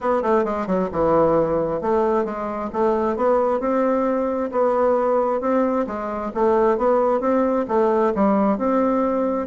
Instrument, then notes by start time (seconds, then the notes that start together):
bassoon
0.01 B3
0.22 A3
0.44 G#3
0.66 F#3
0.92 E3
1.81 A3
2.25 G#3
2.73 A3
3.16 B3
3.60 C4
4.51 B3
5.41 C4
5.86 G#3
6.34 A3
6.77 B3
7.20 C4
7.68 A3
8.14 G3
8.58 C4